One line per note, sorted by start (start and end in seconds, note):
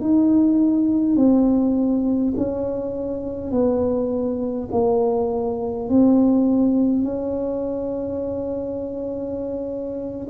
0.00 1.16 D#4
1.16 2.34 C4
2.37 3.51 C#4
3.51 4.68 B3
4.72 5.89 A#3
5.89 7.03 C4
7.03 10.27 C#4